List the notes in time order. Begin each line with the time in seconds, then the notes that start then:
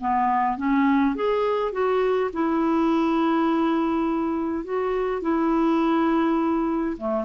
0.00 B3
0.57 C#4
1.15 G#4
1.72 F#4
2.33 E4
4.64 F#4
5.22 E4
6.97 A3